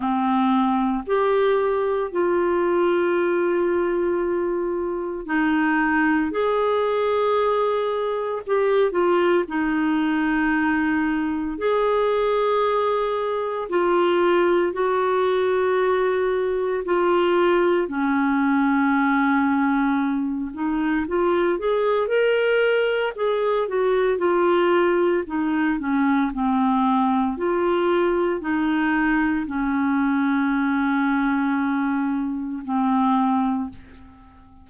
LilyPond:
\new Staff \with { instrumentName = "clarinet" } { \time 4/4 \tempo 4 = 57 c'4 g'4 f'2~ | f'4 dis'4 gis'2 | g'8 f'8 dis'2 gis'4~ | gis'4 f'4 fis'2 |
f'4 cis'2~ cis'8 dis'8 | f'8 gis'8 ais'4 gis'8 fis'8 f'4 | dis'8 cis'8 c'4 f'4 dis'4 | cis'2. c'4 | }